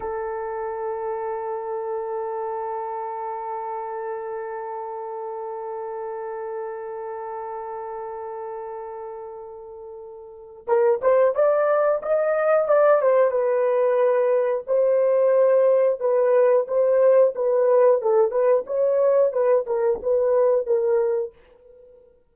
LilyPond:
\new Staff \with { instrumentName = "horn" } { \time 4/4 \tempo 4 = 90 a'1~ | a'1~ | a'1~ | a'1 |
ais'8 c''8 d''4 dis''4 d''8 c''8 | b'2 c''2 | b'4 c''4 b'4 a'8 b'8 | cis''4 b'8 ais'8 b'4 ais'4 | }